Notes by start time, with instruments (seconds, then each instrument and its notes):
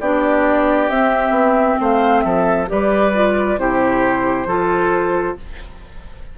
0.00 bassoon B3, clarinet D4, oboe G4, flute D5
0.89 bassoon C4, clarinet C4, flute E5
1.30 bassoon B3
1.79 bassoon A3, oboe C5, flute F5
2.21 bassoon F3, oboe A4, flute E5
2.67 bassoon G3, clarinet G4, oboe B4, flute D5
3.14 clarinet F4
3.58 bassoon C3, clarinet E4, oboe G4, flute C5
4.46 bassoon F3, clarinet F4, oboe A4